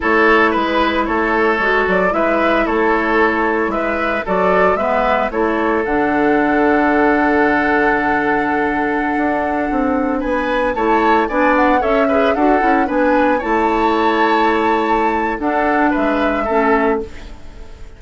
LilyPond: <<
  \new Staff \with { instrumentName = "flute" } { \time 4/4 \tempo 4 = 113 cis''4 b'4 cis''4. d''8 | e''4 cis''2 e''4 | d''4 e''4 cis''4 fis''4~ | fis''1~ |
fis''2.~ fis''16 gis''8.~ | gis''16 a''4 gis''8 fis''8 e''4 fis''8.~ | fis''16 gis''4 a''2~ a''8.~ | a''4 fis''4 e''2 | }
  \new Staff \with { instrumentName = "oboe" } { \time 4/4 a'4 b'4 a'2 | b'4 a'2 b'4 | a'4 b'4 a'2~ | a'1~ |
a'2.~ a'16 b'8.~ | b'16 cis''4 d''4 cis''8 b'8 a'8.~ | a'16 b'4 cis''2~ cis''8.~ | cis''4 a'4 b'4 a'4 | }
  \new Staff \with { instrumentName = "clarinet" } { \time 4/4 e'2. fis'4 | e'1 | fis'4 b4 e'4 d'4~ | d'1~ |
d'1~ | d'16 e'4 d'4 a'8 gis'8 fis'8 e'16~ | e'16 d'4 e'2~ e'8.~ | e'4 d'2 cis'4 | }
  \new Staff \with { instrumentName = "bassoon" } { \time 4/4 a4 gis4 a4 gis8 fis8 | gis4 a2 gis4 | fis4 gis4 a4 d4~ | d1~ |
d4~ d16 d'4 c'4 b8.~ | b16 a4 b4 cis'4 d'8 cis'16~ | cis'16 b4 a2~ a8.~ | a4 d'4 gis4 a4 | }
>>